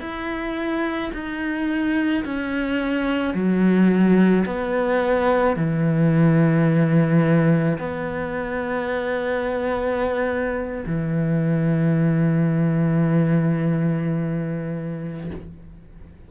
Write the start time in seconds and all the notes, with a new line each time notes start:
0.00 E4
1.13 D#4
2.25 C#4
3.34 F#3
4.45 B3
5.56 E3
7.78 B3
10.86 E3